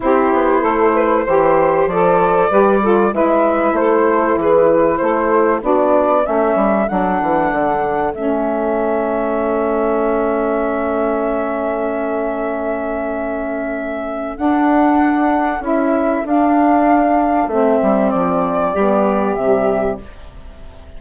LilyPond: <<
  \new Staff \with { instrumentName = "flute" } { \time 4/4 \tempo 4 = 96 c''2. d''4~ | d''4 e''4 c''4 b'4 | c''4 d''4 e''4 fis''4~ | fis''4 e''2.~ |
e''1~ | e''2. fis''4~ | fis''4 e''4 f''2 | e''4 d''2 e''4 | }
  \new Staff \with { instrumentName = "saxophone" } { \time 4/4 g'4 a'8 b'8 c''2 | b'8 a'8 b'4 a'4 gis'4 | a'4 fis'4 a'2~ | a'1~ |
a'1~ | a'1~ | a'1~ | a'2 g'2 | }
  \new Staff \with { instrumentName = "saxophone" } { \time 4/4 e'2 g'4 a'4 | g'8 f'8 e'2.~ | e'4 d'4 cis'4 d'4~ | d'4 cis'2.~ |
cis'1~ | cis'2. d'4~ | d'4 e'4 d'2 | c'2 b4 g4 | }
  \new Staff \with { instrumentName = "bassoon" } { \time 4/4 c'8 b8 a4 e4 f4 | g4 gis4 a4 e4 | a4 b4 a8 g8 fis8 e8 | d4 a2.~ |
a1~ | a2. d'4~ | d'4 cis'4 d'2 | a8 g8 f4 g4 c4 | }
>>